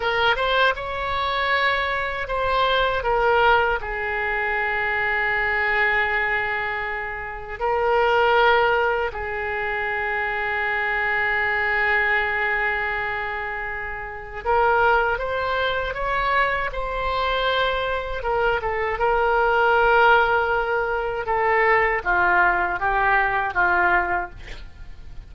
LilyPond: \new Staff \with { instrumentName = "oboe" } { \time 4/4 \tempo 4 = 79 ais'8 c''8 cis''2 c''4 | ais'4 gis'2.~ | gis'2 ais'2 | gis'1~ |
gis'2. ais'4 | c''4 cis''4 c''2 | ais'8 a'8 ais'2. | a'4 f'4 g'4 f'4 | }